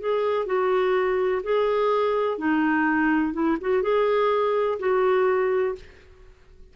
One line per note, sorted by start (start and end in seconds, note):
0.00 0.46 G#4
0.46 1.42 F#4
1.43 2.38 G#4
2.38 3.34 D#4
3.34 3.58 E4
3.61 3.83 F#4
3.83 4.79 G#4
4.79 5.75 F#4